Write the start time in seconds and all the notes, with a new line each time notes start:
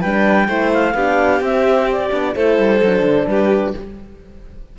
0.00 G3 D4 B4 G5
0.47 A3 E4 C5
0.73 F5
0.94 B3 D4 G4
1.40 C4 E5
1.91 D5
2.10 B3 D4
2.34 A3 E4 A4 C5
2.58 G3
2.82 F#3 D4
3.02 D3
3.27 G3 G4 B4